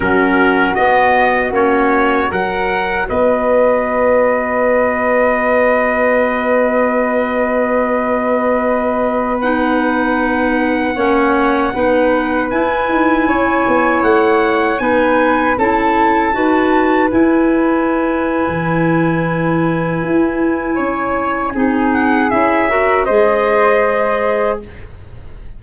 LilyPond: <<
  \new Staff \with { instrumentName = "trumpet" } { \time 4/4 \tempo 4 = 78 ais'4 dis''4 cis''4 fis''4 | dis''1~ | dis''1~ | dis''16 fis''2.~ fis''8.~ |
fis''16 gis''2 fis''4 gis''8.~ | gis''16 a''2 gis''4.~ gis''16~ | gis''1~ | gis''8 fis''8 e''4 dis''2 | }
  \new Staff \with { instrumentName = "flute" } { \time 4/4 fis'2. ais'4 | b'1~ | b'1~ | b'2~ b'16 cis''4 b'8.~ |
b'4~ b'16 cis''2 b'8.~ | b'16 a'4 b'2~ b'8.~ | b'2. cis''4 | gis'4. ais'8 c''2 | }
  \new Staff \with { instrumentName = "clarinet" } { \time 4/4 cis'4 b4 cis'4 fis'4~ | fis'1~ | fis'1~ | fis'16 dis'2 cis'4 dis'8.~ |
dis'16 e'2. dis'8.~ | dis'16 e'4 fis'4 e'4.~ e'16~ | e'1 | dis'4 e'8 fis'8 gis'2 | }
  \new Staff \with { instrumentName = "tuba" } { \time 4/4 fis4 b4 ais4 fis4 | b1~ | b1~ | b2~ b16 ais4 b8.~ |
b16 e'8 dis'8 cis'8 b8 a4 b8.~ | b16 cis'4 dis'4 e'4.~ e'16 | e2 e'4 cis'4 | c'4 cis'4 gis2 | }
>>